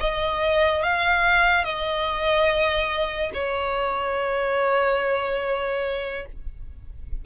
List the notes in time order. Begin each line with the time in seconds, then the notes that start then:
0.00 D#5
0.83 F5
1.64 D#5
3.34 C#5